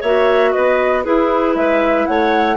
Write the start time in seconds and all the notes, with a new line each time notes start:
0.00 A#3 F#4 C#5 E5
0.52 B3 B4 D#5
1.04 E4 G#4 B4
1.55 G#3 B4 E5
2.06 A3 C#5 F#5